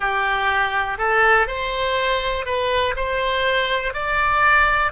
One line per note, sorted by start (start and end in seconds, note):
0.00 0.97 G4
0.97 1.47 A4
1.47 2.45 C5
2.45 2.94 B4
2.96 3.93 C5
3.93 4.91 D5